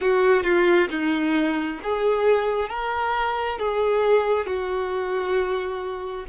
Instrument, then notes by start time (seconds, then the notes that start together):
violin
0.00 F#4
0.43 F4
0.90 D#4
1.83 G#4
2.69 A#4
3.58 G#4
4.46 F#4